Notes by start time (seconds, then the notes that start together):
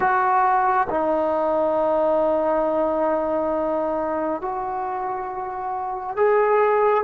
0.00 F#4
0.89 D#4
4.41 F#4
6.16 G#4